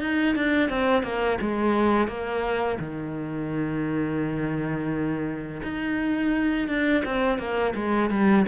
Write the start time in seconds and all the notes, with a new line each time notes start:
0.00 D#4
0.35 D4
0.69 C4
1.03 A#3
1.41 G#3
2.08 A#3
2.79 D#3
5.62 D#4
6.68 D4
7.05 C4
7.38 A#3
7.75 G#3
8.10 G3